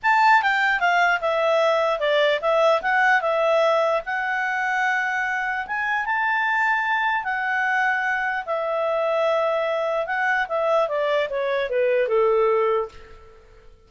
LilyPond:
\new Staff \with { instrumentName = "clarinet" } { \time 4/4 \tempo 4 = 149 a''4 g''4 f''4 e''4~ | e''4 d''4 e''4 fis''4 | e''2 fis''2~ | fis''2 gis''4 a''4~ |
a''2 fis''2~ | fis''4 e''2.~ | e''4 fis''4 e''4 d''4 | cis''4 b'4 a'2 | }